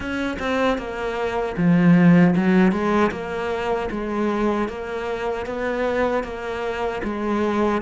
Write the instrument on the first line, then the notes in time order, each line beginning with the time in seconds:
cello
0.00 C#4
0.39 C4
0.78 A#3
1.57 F3
2.35 F#3
2.72 G#3
3.11 A#3
3.90 G#3
4.68 A#3
5.45 B3
6.23 A#3
7.03 G#3